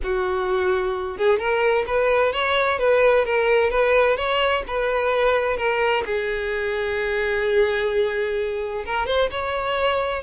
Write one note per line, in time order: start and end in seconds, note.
0.03 1.17 F#4
1.17 1.38 G#4
1.38 1.85 A#4
1.86 2.33 B4
2.33 2.79 C#5
2.79 3.25 B4
3.25 3.70 A#4
3.70 4.16 B4
4.16 4.63 C#5
4.67 5.56 B4
5.56 6.03 A#4
6.05 8.84 G#4
8.85 9.06 A#4
9.06 9.29 C5
9.30 10.22 C#5